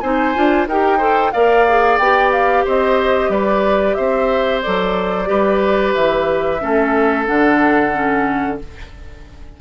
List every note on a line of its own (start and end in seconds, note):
0.00 0.35 C4
0.00 0.34 D#4
0.00 0.68 C5
0.00 0.66 G#5
0.34 0.67 D4
0.34 0.67 F4
0.67 1.33 D#4
0.67 0.99 G4
0.67 0.97 A#4
0.67 1.32 G5
0.97 1.32 A4
0.97 1.30 C5
1.32 1.98 A#3
1.32 1.66 A#4
1.32 2.65 D5
1.32 1.98 F5
1.68 2.01 G#4
1.98 2.64 B3
1.98 4.63 G4
1.98 2.31 G5
2.32 2.65 F5
2.65 3.29 C4
2.65 3.30 C5
2.65 3.31 D#5
3.29 3.95 G3
3.29 3.96 B4
3.29 3.94 D5
3.94 4.64 C4
3.94 5.29 C5
3.94 4.60 E5
4.62 5.29 F#3
4.62 5.26 A4
4.62 5.94 D5
5.26 5.95 G3
5.26 6.58 G4
5.26 6.61 B4
5.94 6.62 E3
5.94 7.26 E5
6.60 7.29 A3
6.60 7.26 C#4
6.60 8.60 A4
7.26 8.61 D3
7.26 7.92 D4
7.26 8.58 F#5
7.93 8.59 C#4